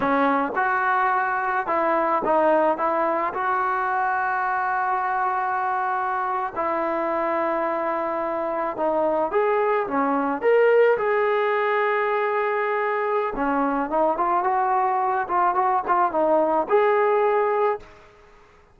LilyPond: \new Staff \with { instrumentName = "trombone" } { \time 4/4 \tempo 4 = 108 cis'4 fis'2 e'4 | dis'4 e'4 fis'2~ | fis'2.~ fis'8. e'16~ | e'2.~ e'8. dis'16~ |
dis'8. gis'4 cis'4 ais'4 gis'16~ | gis'1 | cis'4 dis'8 f'8 fis'4. f'8 | fis'8 f'8 dis'4 gis'2 | }